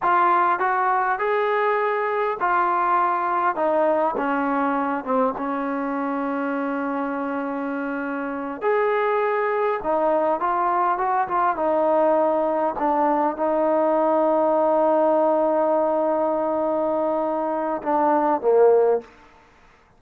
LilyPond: \new Staff \with { instrumentName = "trombone" } { \time 4/4 \tempo 4 = 101 f'4 fis'4 gis'2 | f'2 dis'4 cis'4~ | cis'8 c'8 cis'2.~ | cis'2~ cis'8 gis'4.~ |
gis'8 dis'4 f'4 fis'8 f'8 dis'8~ | dis'4. d'4 dis'4.~ | dis'1~ | dis'2 d'4 ais4 | }